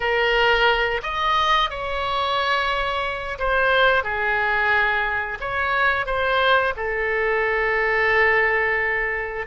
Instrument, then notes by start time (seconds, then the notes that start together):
oboe
0.00 A#4
1.02 D#5
1.69 C#5
3.39 C5
4.03 G#4
5.40 C#5
6.06 C5
6.76 A4